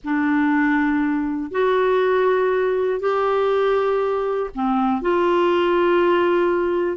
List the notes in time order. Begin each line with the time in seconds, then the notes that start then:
0.04 D4
1.51 F#4
3.00 G4
4.54 C4
5.01 F4